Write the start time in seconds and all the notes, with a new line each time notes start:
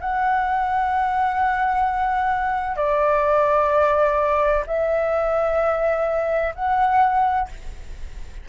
0.00 F#5
2.76 D5
4.66 E5
6.55 F#5